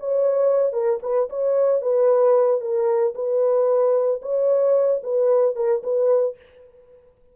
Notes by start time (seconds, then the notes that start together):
0.00 C#5
0.73 A#4
1.03 B4
1.30 C#5
1.82 B4
2.61 A#4
3.15 B4
4.23 C#5
5.04 B4
5.56 A#4
5.84 B4